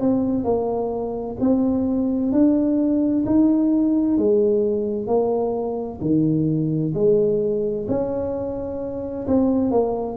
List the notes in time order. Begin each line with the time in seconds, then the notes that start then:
0.00 C4
0.44 A#3
1.40 C4
2.32 D4
3.26 D#4
4.17 G#3
5.07 A#3
6.01 D#3
6.94 G#3
7.88 C#4
9.27 C4
9.70 A#3